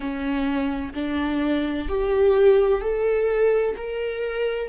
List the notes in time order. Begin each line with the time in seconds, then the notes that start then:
0.00 C#4
0.94 D4
1.88 G4
2.81 A4
3.76 A#4